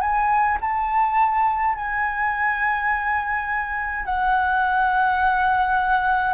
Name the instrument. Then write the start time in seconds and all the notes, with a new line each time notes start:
flute
0.00 G#5
0.60 A5
1.75 G#5
4.05 F#5